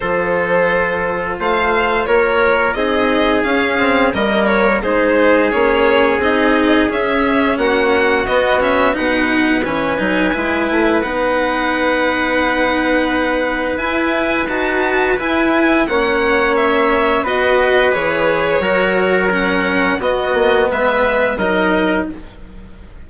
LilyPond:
<<
  \new Staff \with { instrumentName = "violin" } { \time 4/4 \tempo 4 = 87 c''2 f''4 cis''4 | dis''4 f''4 dis''8 cis''8 c''4 | cis''4 dis''4 e''4 fis''4 | dis''8 e''8 fis''4 gis''2 |
fis''1 | gis''4 a''4 gis''4 fis''4 | e''4 dis''4 cis''2 | fis''4 dis''4 e''4 dis''4 | }
  \new Staff \with { instrumentName = "trumpet" } { \time 4/4 a'2 c''4 ais'4 | gis'2 ais'4 gis'4~ | gis'2. fis'4~ | fis'4 b'2.~ |
b'1~ | b'2. cis''4~ | cis''4 b'2 ais'4~ | ais'4 fis'4 b'4 ais'4 | }
  \new Staff \with { instrumentName = "cello" } { \time 4/4 f'1 | dis'4 cis'8 c'8 ais4 dis'4 | cis'4 dis'4 cis'2 | b8 cis'8 dis'4 cis'8 dis'8 e'4 |
dis'1 | e'4 fis'4 e'4 cis'4~ | cis'4 fis'4 gis'4 fis'4 | cis'4 b2 dis'4 | }
  \new Staff \with { instrumentName = "bassoon" } { \time 4/4 f2 a4 ais4 | c'4 cis'4 g4 gis4 | ais4 c'4 cis'4 ais4 | b4 b,4 e8 fis8 gis8 a8 |
b1 | e'4 dis'4 e'4 ais4~ | ais4 b4 e4 fis4~ | fis4 b8 ais8 gis4 fis4 | }
>>